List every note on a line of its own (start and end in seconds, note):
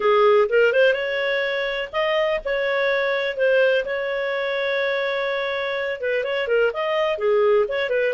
0.00 0.48 G#4
0.49 0.72 A#4
0.72 0.93 C5
0.93 1.89 C#5
1.92 2.40 D#5
2.44 3.36 C#5
3.36 3.84 C5
3.85 6.00 C#5
6.00 6.24 B4
6.24 6.47 C#5
6.47 6.71 A#4
6.73 7.18 D#5
7.18 7.66 G#4
7.68 7.89 C#5
7.89 8.13 B4